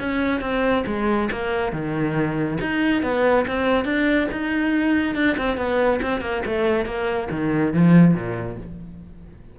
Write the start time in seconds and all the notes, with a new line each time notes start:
0.00 C#4
0.41 C4
0.87 G#3
1.32 A#3
1.73 D#3
2.61 D#4
3.03 B3
3.48 C4
3.85 D4
4.32 D#4
5.16 D4
5.38 C4
5.58 B3
6.02 C4
6.21 A#3
6.46 A3
6.86 A#3
7.31 D#3
7.74 F3
8.15 A#2